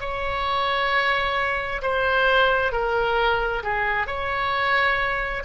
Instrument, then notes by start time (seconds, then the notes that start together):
oboe
0.00 C#5
1.82 C5
2.72 A#4
3.64 G#4
4.07 C#5